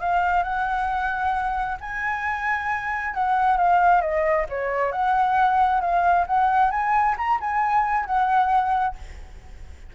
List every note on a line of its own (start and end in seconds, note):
0.00 0.43 F5
0.43 1.78 F#5
1.80 3.14 G#5
3.14 3.57 F#5
3.57 4.01 F5
4.01 4.46 D#5
4.49 4.92 C#5
4.92 5.81 F#5
5.81 6.26 F5
6.27 6.71 F#5
6.71 7.16 G#5
7.17 7.40 A#5
7.40 8.06 G#5
8.06 8.95 F#5